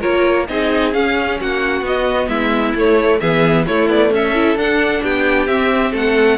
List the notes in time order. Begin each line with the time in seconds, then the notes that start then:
0.00 A#3 F4 A#4 C#5
0.48 C4 D#4 G#4 D#5
0.93 C#4 F5
1.41 A#3 F#4 F#5
1.82 B3 D#5
2.29 G#3 E4 E5
2.75 A3 C#5
3.20 E3 B3 G#4 E5
3.66 A3 E4 C#5
3.88 B3 D5
4.11 C#4 A4 E5
4.35 E4
4.56 D4 F#5
5.03 B3 G4 G5
5.47 C4 E5
5.92 A3 A4 F#5